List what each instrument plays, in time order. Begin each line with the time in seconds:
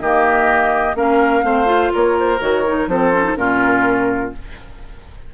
0.00 bassoon D#3, clarinet A#3, oboe G4, flute D#5
0.95 bassoon A#3, clarinet C#4, oboe A#4, flute F5
1.43 bassoon A3, clarinet C4, oboe C5
1.66 clarinet F4
1.93 bassoon A#3, oboe A#4, flute C#5
2.19 flute C5
2.40 bassoon D#3, clarinet F#4, flute C#5
2.67 clarinet D#4
2.87 bassoon F3, clarinet C4, oboe A4, flute C5
3.13 clarinet C#4
3.24 clarinet D#4
3.36 bassoon A#2, clarinet C#4, oboe F4, flute A#4